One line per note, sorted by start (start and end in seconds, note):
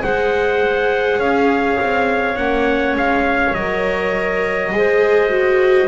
0.00 1.20 G#3
0.00 2.35 G#4
0.00 1.19 C5
0.00 1.21 F#5
1.19 1.78 C#4
1.19 4.72 C#5
1.19 2.37 F5
1.80 2.37 C4
2.37 2.96 A#3
2.37 3.55 C#4
2.37 2.96 F#5
2.96 3.55 G#3
2.96 3.54 F5
3.54 4.73 F#3
3.54 4.73 A#4
3.54 5.89 D#5
4.73 5.89 G#3
4.73 5.30 G#4
4.73 5.89 C5
5.30 5.89 F#4